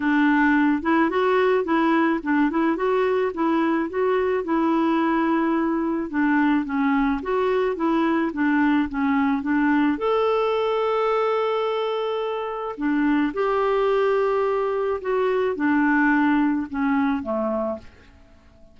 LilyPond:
\new Staff \with { instrumentName = "clarinet" } { \time 4/4 \tempo 4 = 108 d'4. e'8 fis'4 e'4 | d'8 e'8 fis'4 e'4 fis'4 | e'2. d'4 | cis'4 fis'4 e'4 d'4 |
cis'4 d'4 a'2~ | a'2. d'4 | g'2. fis'4 | d'2 cis'4 a4 | }